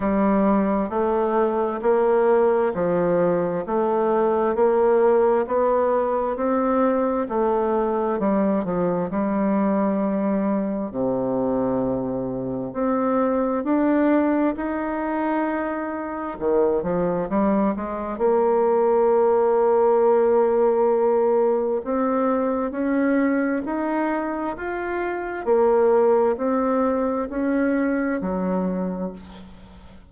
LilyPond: \new Staff \with { instrumentName = "bassoon" } { \time 4/4 \tempo 4 = 66 g4 a4 ais4 f4 | a4 ais4 b4 c'4 | a4 g8 f8 g2 | c2 c'4 d'4 |
dis'2 dis8 f8 g8 gis8 | ais1 | c'4 cis'4 dis'4 f'4 | ais4 c'4 cis'4 fis4 | }